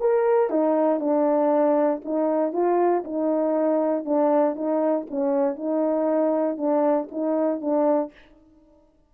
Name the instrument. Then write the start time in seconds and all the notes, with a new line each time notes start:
horn
0.00 A#4
0.50 D#4
1.00 D4
2.05 D#4
2.52 F4
3.04 D#4
4.05 D4
4.55 D#4
5.10 C#4
5.56 D#4
6.57 D4
7.11 D#4
7.61 D4